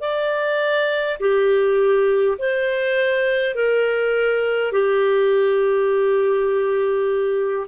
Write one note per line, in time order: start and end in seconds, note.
0.00 1.18 D5
1.19 2.37 G4
2.37 3.55 C5
3.55 4.72 A#4
4.72 7.66 G4